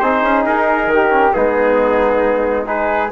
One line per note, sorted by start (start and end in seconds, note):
0.00 0.23 C4
0.00 1.10 D#4
0.00 0.92 G#4
0.00 0.44 C5
0.23 0.45 C#4
0.46 0.87 D#4
0.46 1.33 A#4
0.87 1.31 D#3
0.93 1.36 G4
1.10 1.32 C#4
1.33 3.13 G#3
1.33 2.66 B3
1.33 2.66 D#4
1.33 2.66 G#4
2.66 3.10 D#4
2.66 3.11 G#4
2.66 3.12 B4